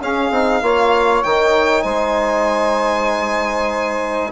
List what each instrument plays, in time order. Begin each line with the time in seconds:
0.00 bassoon C#4, trombone C#4, saxophone G#4, violin F5
0.30 bassoon C4, trombone D#4
0.61 bassoon A#3, trombone F4, saxophone C#5
1.23 bassoon D#3, trombone D#4, violin G5
1.83 bassoon G#3, saxophone C5, violin G#5